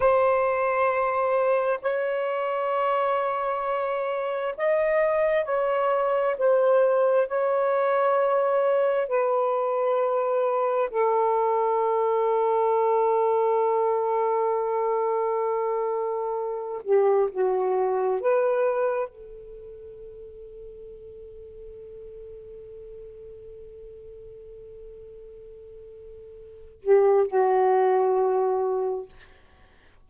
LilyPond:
\new Staff \with { instrumentName = "saxophone" } { \time 4/4 \tempo 4 = 66 c''2 cis''2~ | cis''4 dis''4 cis''4 c''4 | cis''2 b'2 | a'1~ |
a'2~ a'8 g'8 fis'4 | b'4 a'2.~ | a'1~ | a'4. g'8 fis'2 | }